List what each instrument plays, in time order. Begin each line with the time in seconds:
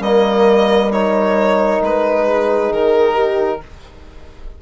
0.00 bassoon G3, trombone A#3, horn A#4, violin D#5
0.92 trombone D#4, violin C#5
1.82 bassoon G#3, violin B4
2.27 horn G#4
2.71 bassoon D#3, violin A#4
3.14 horn G4